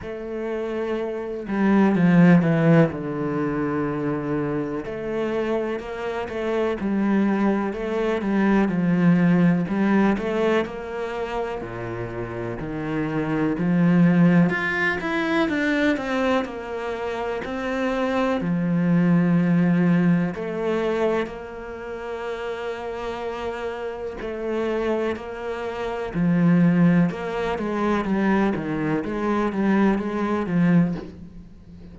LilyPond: \new Staff \with { instrumentName = "cello" } { \time 4/4 \tempo 4 = 62 a4. g8 f8 e8 d4~ | d4 a4 ais8 a8 g4 | a8 g8 f4 g8 a8 ais4 | ais,4 dis4 f4 f'8 e'8 |
d'8 c'8 ais4 c'4 f4~ | f4 a4 ais2~ | ais4 a4 ais4 f4 | ais8 gis8 g8 dis8 gis8 g8 gis8 f8 | }